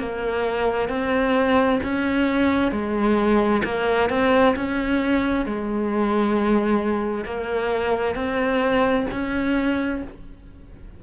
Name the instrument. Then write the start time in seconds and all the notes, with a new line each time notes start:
cello
0.00 A#3
0.89 C4
1.83 C#4
2.72 G#3
3.65 A#3
4.10 C4
4.57 C#4
5.46 G#3
7.25 A#3
8.16 C4
9.12 C#4